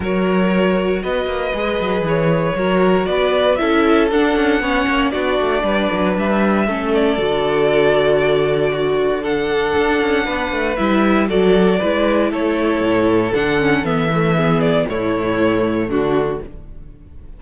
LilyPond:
<<
  \new Staff \with { instrumentName = "violin" } { \time 4/4 \tempo 4 = 117 cis''2 dis''2 | cis''2 d''4 e''4 | fis''2 d''2 | e''4. d''2~ d''8~ |
d''2 fis''2~ | fis''4 e''4 d''2 | cis''2 fis''4 e''4~ | e''8 d''8 cis''2 fis'4 | }
  \new Staff \with { instrumentName = "violin" } { \time 4/4 ais'2 b'2~ | b'4 ais'4 b'4 a'4~ | a'4 cis''4 fis'4 b'4~ | b'4 a'2.~ |
a'4 fis'4 a'2 | b'2 a'4 b'4 | a'1 | gis'4 e'2 d'4 | }
  \new Staff \with { instrumentName = "viola" } { \time 4/4 fis'2. gis'4~ | gis'4 fis'2 e'4 | d'4 cis'4 d'2~ | d'4 cis'4 fis'2~ |
fis'2 d'2~ | d'4 e'4 fis'4 e'4~ | e'2 d'8 cis'8 b8 a8 | b4 a2. | }
  \new Staff \with { instrumentName = "cello" } { \time 4/4 fis2 b8 ais8 gis8 fis8 | e4 fis4 b4 cis'4 | d'8 cis'8 b8 ais8 b8 a8 g8 fis8 | g4 a4 d2~ |
d2. d'8 cis'8 | b8 a8 g4 fis4 gis4 | a4 a,4 d4 e4~ | e4 a,2 d4 | }
>>